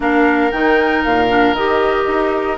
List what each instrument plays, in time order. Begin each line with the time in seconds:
0.00 bassoon A#3, clarinet D4, oboe A#4, flute F5
0.51 bassoon D#3, clarinet D#4, flute G5
1.04 bassoon A#2, flute F5
1.28 clarinet D4
1.53 bassoon D#3, clarinet G4, flute D#5
2.06 bassoon D#4